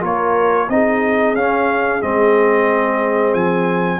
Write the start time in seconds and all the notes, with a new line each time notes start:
0.00 A#3 F4 A#4 C#5
0.69 C4 D#4 G#4 D#5
1.34 C#4 F5
2.01 G#3 C4 D#5
3.33 F3 G#5